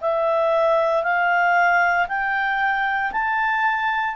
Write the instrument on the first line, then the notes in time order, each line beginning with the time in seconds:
clarinet
0.00 E5
1.03 F5
2.08 G5
3.11 A5